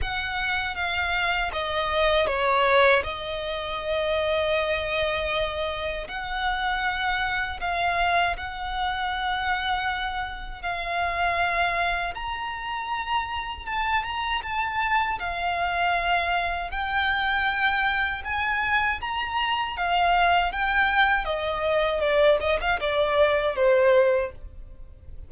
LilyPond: \new Staff \with { instrumentName = "violin" } { \time 4/4 \tempo 4 = 79 fis''4 f''4 dis''4 cis''4 | dis''1 | fis''2 f''4 fis''4~ | fis''2 f''2 |
ais''2 a''8 ais''8 a''4 | f''2 g''2 | gis''4 ais''4 f''4 g''4 | dis''4 d''8 dis''16 f''16 d''4 c''4 | }